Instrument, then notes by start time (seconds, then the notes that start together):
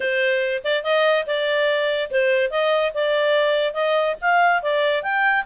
clarinet
0.00 C5
0.64 D5
0.83 D#5
1.26 D5
2.10 C5
2.50 D#5
2.94 D5
3.73 D#5
4.21 F5
4.62 D5
5.03 G5